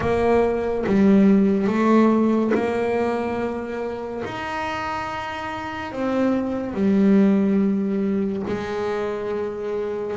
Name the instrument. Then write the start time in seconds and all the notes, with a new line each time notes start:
double bass
0.00 A#3
0.86 G3
1.67 A3
2.54 A#3
4.24 D#4
5.92 C4
6.73 G3
8.47 G#3